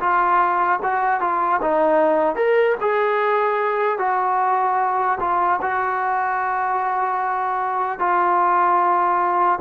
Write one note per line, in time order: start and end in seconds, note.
0.00 0.80 F4
0.83 1.21 F#4
1.21 1.61 F4
1.62 2.36 D#4
2.36 2.76 A#4
2.81 3.99 G#4
3.99 5.19 F#4
5.20 5.60 F4
5.62 8.00 F#4
8.00 9.60 F4